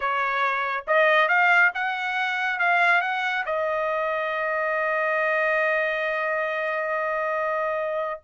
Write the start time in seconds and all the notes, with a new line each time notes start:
0.00 C#5
0.87 D#5
1.28 F5
1.74 F#5
2.59 F5
3.01 F#5
3.45 D#5